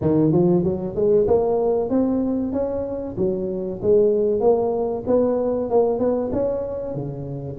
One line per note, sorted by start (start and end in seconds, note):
0.01 0.32 D#3
0.32 0.63 F3
0.63 0.95 F#3
0.95 1.27 G#3
1.27 1.89 A#3
1.89 2.52 C4
2.52 3.15 C#4
3.17 3.80 F#3
3.82 4.40 G#3
4.40 5.03 A#3
5.06 5.70 B3
5.70 5.99 A#3
5.99 6.30 B3
6.32 6.94 C#4
6.94 7.58 C#3